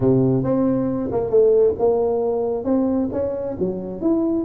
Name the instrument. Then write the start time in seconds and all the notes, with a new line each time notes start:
tuba
0.00 C3
0.43 C4
1.11 A#3
1.30 A3
1.79 A#3
2.64 C4
3.12 C#4
3.59 F#3
4.01 E4